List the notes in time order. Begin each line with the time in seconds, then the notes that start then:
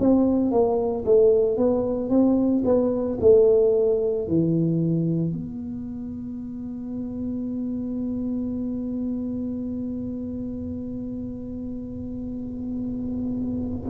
0.00 C4
0.51 A#3
1.05 A3
1.58 B3
2.10 C4
2.65 B3
3.21 A3
4.28 E3
5.33 B3